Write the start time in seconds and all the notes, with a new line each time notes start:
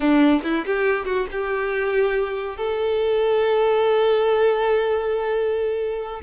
0.00 D4
0.43 E4
0.65 G4
1.05 F#4
1.31 G4
2.57 A4